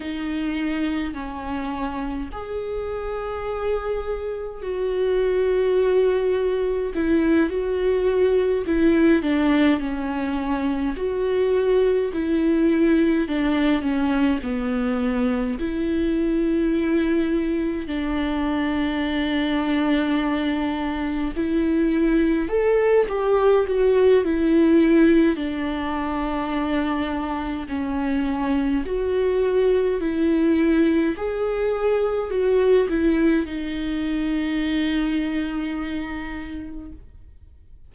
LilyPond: \new Staff \with { instrumentName = "viola" } { \time 4/4 \tempo 4 = 52 dis'4 cis'4 gis'2 | fis'2 e'8 fis'4 e'8 | d'8 cis'4 fis'4 e'4 d'8 | cis'8 b4 e'2 d'8~ |
d'2~ d'8 e'4 a'8 | g'8 fis'8 e'4 d'2 | cis'4 fis'4 e'4 gis'4 | fis'8 e'8 dis'2. | }